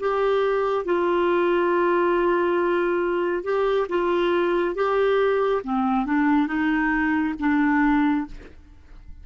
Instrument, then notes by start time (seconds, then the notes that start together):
clarinet
0.00 G4
0.85 F4
3.44 G4
3.89 F4
4.75 G4
5.64 C4
6.06 D4
6.47 D#4
7.40 D4